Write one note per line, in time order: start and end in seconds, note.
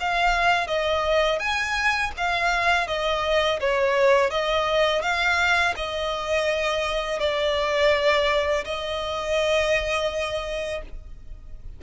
0.00 0.67 F5
0.67 1.39 D#5
1.39 2.12 G#5
2.17 2.88 F5
2.88 3.60 D#5
3.60 4.31 C#5
4.31 5.02 D#5
5.02 5.74 F5
5.77 7.20 D#5
7.20 8.65 D5
8.65 10.82 D#5